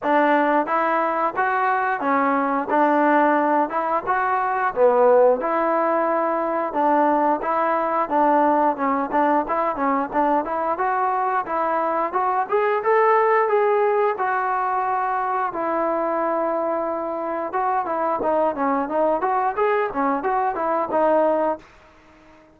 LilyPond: \new Staff \with { instrumentName = "trombone" } { \time 4/4 \tempo 4 = 89 d'4 e'4 fis'4 cis'4 | d'4. e'8 fis'4 b4 | e'2 d'4 e'4 | d'4 cis'8 d'8 e'8 cis'8 d'8 e'8 |
fis'4 e'4 fis'8 gis'8 a'4 | gis'4 fis'2 e'4~ | e'2 fis'8 e'8 dis'8 cis'8 | dis'8 fis'8 gis'8 cis'8 fis'8 e'8 dis'4 | }